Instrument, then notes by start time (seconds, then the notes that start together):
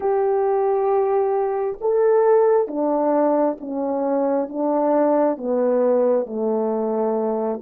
horn
0.00 G4
1.80 A4
2.67 D4
3.60 C#4
4.49 D4
5.37 B3
6.26 A3